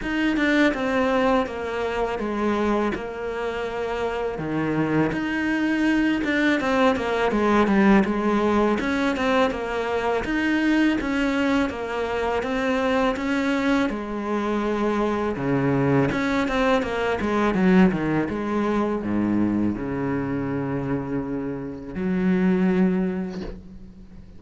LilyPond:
\new Staff \with { instrumentName = "cello" } { \time 4/4 \tempo 4 = 82 dis'8 d'8 c'4 ais4 gis4 | ais2 dis4 dis'4~ | dis'8 d'8 c'8 ais8 gis8 g8 gis4 | cis'8 c'8 ais4 dis'4 cis'4 |
ais4 c'4 cis'4 gis4~ | gis4 cis4 cis'8 c'8 ais8 gis8 | fis8 dis8 gis4 gis,4 cis4~ | cis2 fis2 | }